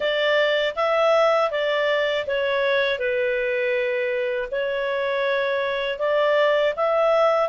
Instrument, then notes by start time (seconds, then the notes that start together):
clarinet
0.00 D5
0.75 E5
1.50 D5
2.27 C#5
2.98 B4
4.51 C#5
5.98 D5
6.75 E5